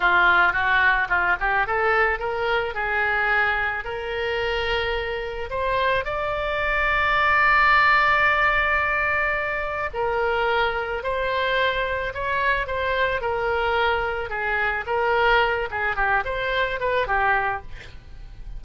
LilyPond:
\new Staff \with { instrumentName = "oboe" } { \time 4/4 \tempo 4 = 109 f'4 fis'4 f'8 g'8 a'4 | ais'4 gis'2 ais'4~ | ais'2 c''4 d''4~ | d''1~ |
d''2 ais'2 | c''2 cis''4 c''4 | ais'2 gis'4 ais'4~ | ais'8 gis'8 g'8 c''4 b'8 g'4 | }